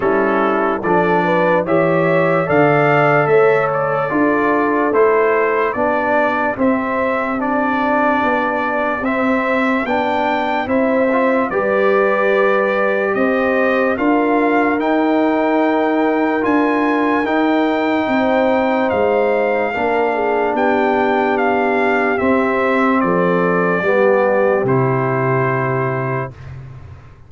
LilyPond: <<
  \new Staff \with { instrumentName = "trumpet" } { \time 4/4 \tempo 4 = 73 a'4 d''4 e''4 f''4 | e''8 d''4. c''4 d''4 | e''4 d''2 e''4 | g''4 e''4 d''2 |
dis''4 f''4 g''2 | gis''4 g''2 f''4~ | f''4 g''4 f''4 e''4 | d''2 c''2 | }
  \new Staff \with { instrumentName = "horn" } { \time 4/4 e'4 a'8 b'8 cis''4 d''4 | cis''4 a'2 g'4~ | g'1~ | g'4 c''4 b'2 |
c''4 ais'2.~ | ais'2 c''2 | ais'8 gis'8 g'2. | a'4 g'2. | }
  \new Staff \with { instrumentName = "trombone" } { \time 4/4 cis'4 d'4 g'4 a'4~ | a'4 f'4 e'4 d'4 | c'4 d'2 c'4 | d'4 e'8 f'8 g'2~ |
g'4 f'4 dis'2 | f'4 dis'2. | d'2. c'4~ | c'4 b4 e'2 | }
  \new Staff \with { instrumentName = "tuba" } { \time 4/4 g4 f4 e4 d4 | a4 d'4 a4 b4 | c'2 b4 c'4 | b4 c'4 g2 |
c'4 d'4 dis'2 | d'4 dis'4 c'4 gis4 | ais4 b2 c'4 | f4 g4 c2 | }
>>